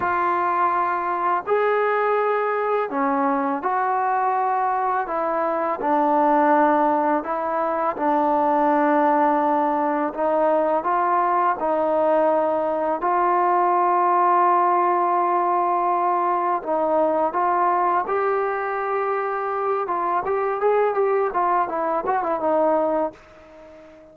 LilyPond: \new Staff \with { instrumentName = "trombone" } { \time 4/4 \tempo 4 = 83 f'2 gis'2 | cis'4 fis'2 e'4 | d'2 e'4 d'4~ | d'2 dis'4 f'4 |
dis'2 f'2~ | f'2. dis'4 | f'4 g'2~ g'8 f'8 | g'8 gis'8 g'8 f'8 e'8 fis'16 e'16 dis'4 | }